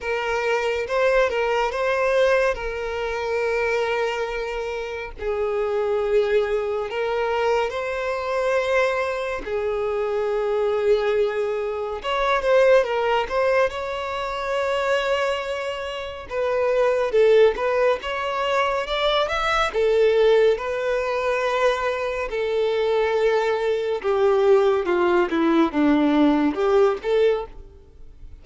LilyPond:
\new Staff \with { instrumentName = "violin" } { \time 4/4 \tempo 4 = 70 ais'4 c''8 ais'8 c''4 ais'4~ | ais'2 gis'2 | ais'4 c''2 gis'4~ | gis'2 cis''8 c''8 ais'8 c''8 |
cis''2. b'4 | a'8 b'8 cis''4 d''8 e''8 a'4 | b'2 a'2 | g'4 f'8 e'8 d'4 g'8 a'8 | }